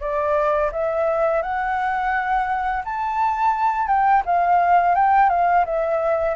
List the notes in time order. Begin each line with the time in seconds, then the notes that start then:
0.00 D5
0.72 E5
1.42 F#5
2.85 A5
3.87 G5
4.25 F5
4.95 G5
5.30 F5
5.66 E5